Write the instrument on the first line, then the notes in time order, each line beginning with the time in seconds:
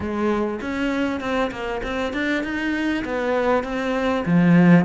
cello
0.00 G#3
0.61 C#4
1.20 C4
1.51 A#3
1.83 C4
2.13 D4
2.43 D#4
3.04 B3
3.63 C4
4.25 F3